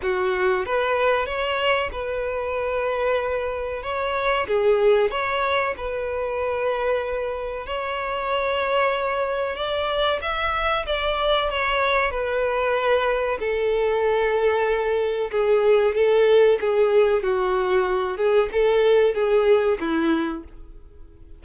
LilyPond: \new Staff \with { instrumentName = "violin" } { \time 4/4 \tempo 4 = 94 fis'4 b'4 cis''4 b'4~ | b'2 cis''4 gis'4 | cis''4 b'2. | cis''2. d''4 |
e''4 d''4 cis''4 b'4~ | b'4 a'2. | gis'4 a'4 gis'4 fis'4~ | fis'8 gis'8 a'4 gis'4 e'4 | }